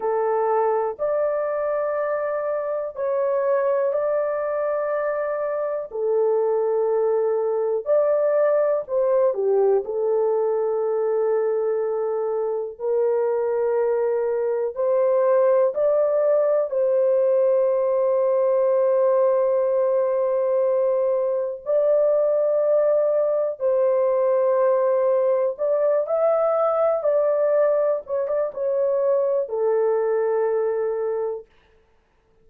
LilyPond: \new Staff \with { instrumentName = "horn" } { \time 4/4 \tempo 4 = 61 a'4 d''2 cis''4 | d''2 a'2 | d''4 c''8 g'8 a'2~ | a'4 ais'2 c''4 |
d''4 c''2.~ | c''2 d''2 | c''2 d''8 e''4 d''8~ | d''8 cis''16 d''16 cis''4 a'2 | }